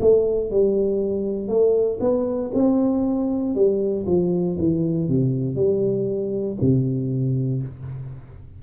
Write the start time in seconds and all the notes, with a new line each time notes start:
0.00 A3
0.50 G3
1.48 A3
2.00 B3
2.53 C4
3.55 G3
4.06 F3
4.58 E3
5.08 C3
5.55 G3
6.61 C3